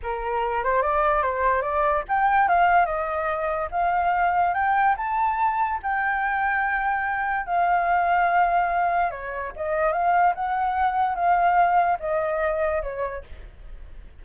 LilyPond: \new Staff \with { instrumentName = "flute" } { \time 4/4 \tempo 4 = 145 ais'4. c''8 d''4 c''4 | d''4 g''4 f''4 dis''4~ | dis''4 f''2 g''4 | a''2 g''2~ |
g''2 f''2~ | f''2 cis''4 dis''4 | f''4 fis''2 f''4~ | f''4 dis''2 cis''4 | }